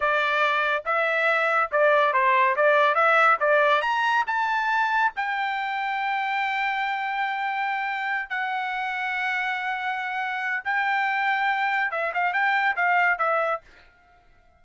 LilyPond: \new Staff \with { instrumentName = "trumpet" } { \time 4/4 \tempo 4 = 141 d''2 e''2 | d''4 c''4 d''4 e''4 | d''4 ais''4 a''2 | g''1~ |
g''2.~ g''8 fis''8~ | fis''1~ | fis''4 g''2. | e''8 f''8 g''4 f''4 e''4 | }